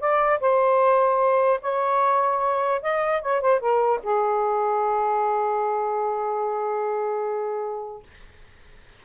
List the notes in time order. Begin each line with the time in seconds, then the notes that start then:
0.00 D5
0.41 C5
1.62 C#5
2.82 D#5
3.22 C#5
3.41 C5
3.60 A#4
4.03 G#4